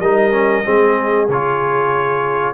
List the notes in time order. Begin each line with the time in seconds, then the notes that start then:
0.00 G3 D#4 A#4 D#5
0.32 C#4
0.64 G#3 C4 G#4
1.28 C#3 F4 C#5